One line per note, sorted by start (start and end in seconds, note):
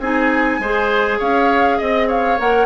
0.00 0.59 C4
0.00 0.62 D#4
0.00 0.61 G#4
0.00 1.19 G#5
0.59 1.19 G#3
0.59 2.38 G#4
0.59 1.19 C5
1.19 1.80 C#4
1.19 1.78 C#5
1.19 1.79 F5
1.78 2.40 C4
1.78 2.08 D#5
1.78 2.09 D#5
2.08 2.67 C#5
2.08 2.39 F5
2.38 2.67 A#3
2.38 2.67 A#4
2.38 2.67 F#5